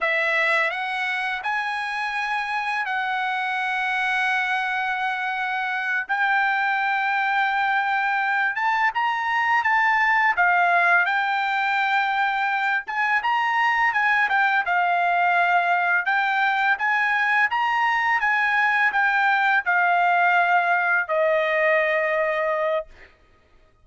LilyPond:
\new Staff \with { instrumentName = "trumpet" } { \time 4/4 \tempo 4 = 84 e''4 fis''4 gis''2 | fis''1~ | fis''8 g''2.~ g''8 | a''8 ais''4 a''4 f''4 g''8~ |
g''2 gis''8 ais''4 gis''8 | g''8 f''2 g''4 gis''8~ | gis''8 ais''4 gis''4 g''4 f''8~ | f''4. dis''2~ dis''8 | }